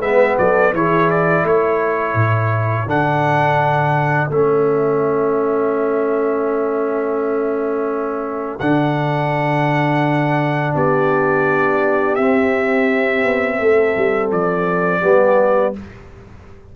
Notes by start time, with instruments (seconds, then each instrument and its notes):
0.00 tuba G#3, trombone B3, horn B4, trumpet E5
0.38 tuba F#3, horn A4, trumpet D5
0.73 tuba E3, trombone E4, horn G#4, trumpet C#5
1.10 trumpet D5
1.44 tuba A3, horn A4, trumpet C#5
2.14 tuba A2
2.86 tuba D3, trombone D4, trumpet F#5
4.30 tuba A3, trombone C#4, trumpet E5
8.59 tuba D3, trombone D4, trumpet F#5
10.74 tuba B3, horn G4, trumpet D5
12.15 tuba C4, trombone C4, trumpet E5
13.24 tuba B3
13.59 tuba A3, horn A4
13.96 tuba G3
14.31 tuba F3, trumpet D5
15.01 tuba G3, trombone B3, horn G4